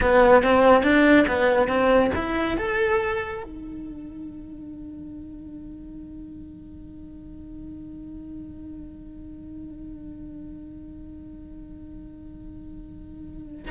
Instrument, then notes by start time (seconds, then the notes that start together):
cello
0.00 B3
0.43 C4
0.83 D4
1.27 B3
1.68 C4
2.14 E4
2.57 A4
3.43 D#4